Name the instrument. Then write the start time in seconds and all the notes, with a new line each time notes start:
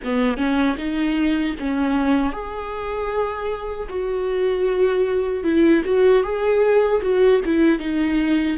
viola
0.04 B3
0.37 C#4
0.77 D#4
1.59 C#4
2.32 G#4
3.89 F#4
5.43 E4
5.84 F#4
6.23 G#4
7.02 F#4
7.45 E4
7.79 D#4